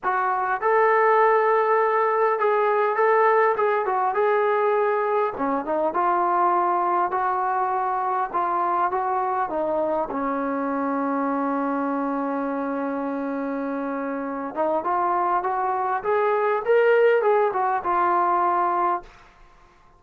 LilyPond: \new Staff \with { instrumentName = "trombone" } { \time 4/4 \tempo 4 = 101 fis'4 a'2. | gis'4 a'4 gis'8 fis'8 gis'4~ | gis'4 cis'8 dis'8 f'2 | fis'2 f'4 fis'4 |
dis'4 cis'2.~ | cis'1~ | cis'8 dis'8 f'4 fis'4 gis'4 | ais'4 gis'8 fis'8 f'2 | }